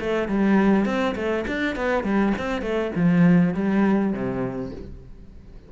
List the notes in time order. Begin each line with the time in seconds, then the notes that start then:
0.00 A3
0.28 G3
0.86 C4
1.16 A3
1.48 D4
1.76 B3
2.04 G3
2.38 C4
2.62 A3
2.95 F3
3.54 G3
4.13 C3